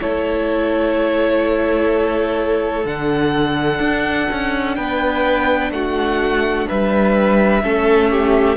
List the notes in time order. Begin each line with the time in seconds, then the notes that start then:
0.00 A3 E4 A4 C#5
2.84 D3 D4 F#5
3.79 D4
4.31 C#4
4.75 B3 B4 G5
5.70 A3 F#4 F#5
6.68 G3 B4 E5
7.62 A3 C#4 A4
8.10 G4